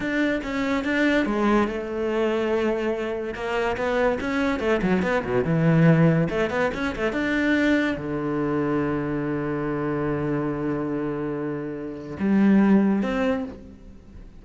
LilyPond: \new Staff \with { instrumentName = "cello" } { \time 4/4 \tempo 4 = 143 d'4 cis'4 d'4 gis4 | a1 | ais4 b4 cis'4 a8 fis8 | b8 b,8 e2 a8 b8 |
cis'8 a8 d'2 d4~ | d1~ | d1~ | d4 g2 c'4 | }